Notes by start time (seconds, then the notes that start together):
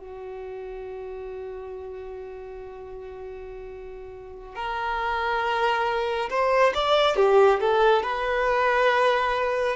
0.00 F#4
4.55 A#4
6.30 C5
6.74 D5
7.16 G4
7.60 A4
8.03 B4